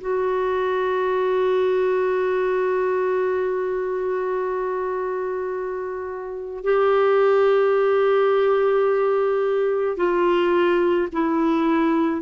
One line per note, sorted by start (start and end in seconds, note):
0.00 6.64 F#4
6.64 9.96 G4
9.96 11.08 F4
11.12 12.21 E4